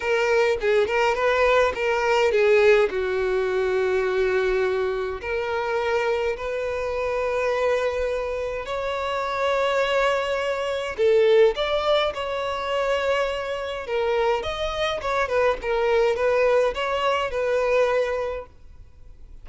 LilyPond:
\new Staff \with { instrumentName = "violin" } { \time 4/4 \tempo 4 = 104 ais'4 gis'8 ais'8 b'4 ais'4 | gis'4 fis'2.~ | fis'4 ais'2 b'4~ | b'2. cis''4~ |
cis''2. a'4 | d''4 cis''2. | ais'4 dis''4 cis''8 b'8 ais'4 | b'4 cis''4 b'2 | }